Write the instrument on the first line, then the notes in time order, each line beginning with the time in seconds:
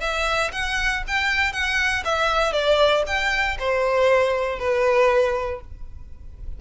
violin
0.00 E5
0.52 F#5
1.07 G5
1.52 F#5
2.05 E5
2.52 D5
3.06 G5
3.59 C5
4.59 B4